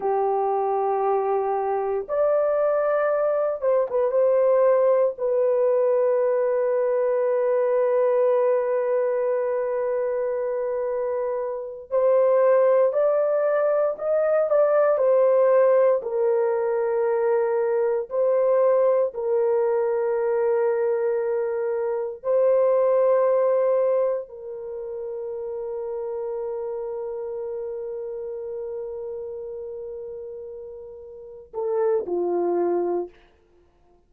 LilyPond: \new Staff \with { instrumentName = "horn" } { \time 4/4 \tempo 4 = 58 g'2 d''4. c''16 b'16 | c''4 b'2.~ | b'2.~ b'8 c''8~ | c''8 d''4 dis''8 d''8 c''4 ais'8~ |
ais'4. c''4 ais'4.~ | ais'4. c''2 ais'8~ | ais'1~ | ais'2~ ais'8 a'8 f'4 | }